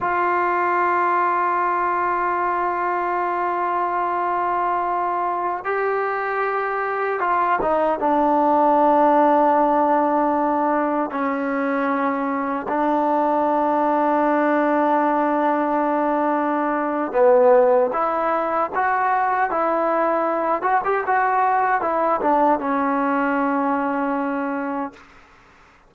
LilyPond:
\new Staff \with { instrumentName = "trombone" } { \time 4/4 \tempo 4 = 77 f'1~ | f'2.~ f'16 g'8.~ | g'4~ g'16 f'8 dis'8 d'4.~ d'16~ | d'2~ d'16 cis'4.~ cis'16~ |
cis'16 d'2.~ d'8.~ | d'2 b4 e'4 | fis'4 e'4. fis'16 g'16 fis'4 | e'8 d'8 cis'2. | }